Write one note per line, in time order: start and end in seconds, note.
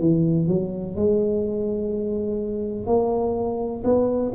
0.00 0.48 E3
0.48 0.96 F#3
0.96 2.87 G#3
2.87 3.84 A#3
3.84 4.33 B3